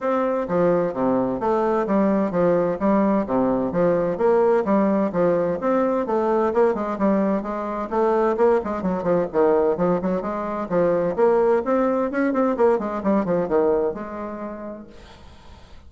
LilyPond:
\new Staff \with { instrumentName = "bassoon" } { \time 4/4 \tempo 4 = 129 c'4 f4 c4 a4 | g4 f4 g4 c4 | f4 ais4 g4 f4 | c'4 a4 ais8 gis8 g4 |
gis4 a4 ais8 gis8 fis8 f8 | dis4 f8 fis8 gis4 f4 | ais4 c'4 cis'8 c'8 ais8 gis8 | g8 f8 dis4 gis2 | }